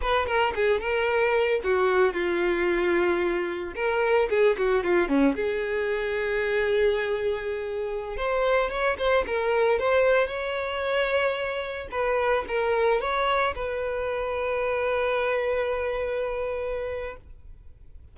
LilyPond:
\new Staff \with { instrumentName = "violin" } { \time 4/4 \tempo 4 = 112 b'8 ais'8 gis'8 ais'4. fis'4 | f'2. ais'4 | gis'8 fis'8 f'8 cis'8 gis'2~ | gis'2.~ gis'16 c''8.~ |
c''16 cis''8 c''8 ais'4 c''4 cis''8.~ | cis''2~ cis''16 b'4 ais'8.~ | ais'16 cis''4 b'2~ b'8.~ | b'1 | }